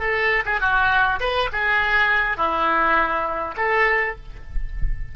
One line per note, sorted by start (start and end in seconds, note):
0.00 0.44 A4
0.46 0.60 G#4
0.61 1.20 F#4
1.20 1.50 B4
1.53 2.37 G#4
2.37 3.55 E4
3.57 4.16 A4